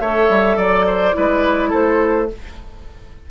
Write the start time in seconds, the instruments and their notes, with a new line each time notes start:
0.00 bassoon A3, clarinet A4, oboe C#5, flute E5
0.29 bassoon G3
0.56 bassoon F#3, oboe D5, flute D5
0.86 oboe C5
1.12 bassoon G#3, clarinet E4, oboe B4
1.70 bassoon A3, oboe A4, flute C5